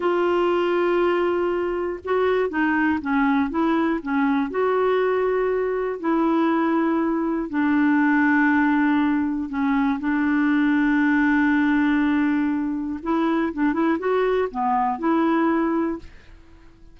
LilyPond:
\new Staff \with { instrumentName = "clarinet" } { \time 4/4 \tempo 4 = 120 f'1 | fis'4 dis'4 cis'4 e'4 | cis'4 fis'2. | e'2. d'4~ |
d'2. cis'4 | d'1~ | d'2 e'4 d'8 e'8 | fis'4 b4 e'2 | }